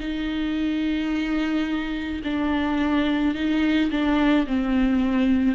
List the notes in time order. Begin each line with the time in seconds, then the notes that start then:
0.00 D#4
2.24 D4
3.35 D#4
3.91 D4
4.47 C4